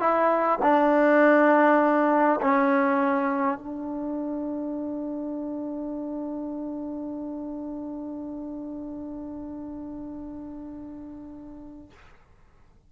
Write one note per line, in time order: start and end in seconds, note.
0.00 0.59 E4
0.62 2.41 D4
2.41 3.59 C#4
3.59 11.90 D4